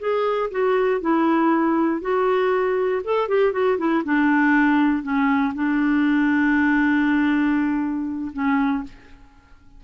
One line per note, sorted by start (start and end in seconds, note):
0.00 0.50 G#4
0.51 1.02 F#4
1.02 2.02 E4
2.02 3.03 F#4
3.05 3.29 A4
3.29 3.53 G4
3.53 3.78 F#4
3.79 4.04 E4
4.05 5.03 D4
5.03 5.54 C#4
5.55 8.32 D4
8.34 8.84 C#4